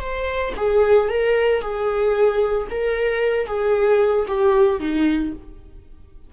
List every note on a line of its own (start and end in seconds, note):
0.00 0.53 C5
0.56 1.09 G#4
1.09 1.61 A#4
1.61 2.68 G#4
2.70 3.47 A#4
3.47 4.26 G#4
4.27 4.80 G4
4.80 5.33 D#4